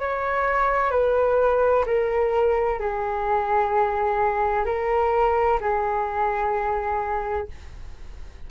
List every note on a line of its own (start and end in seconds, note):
0.00 0.91 C#5
0.91 1.85 B4
1.86 2.80 A#4
2.80 4.66 G#4
4.66 5.60 A#4
5.61 7.48 G#4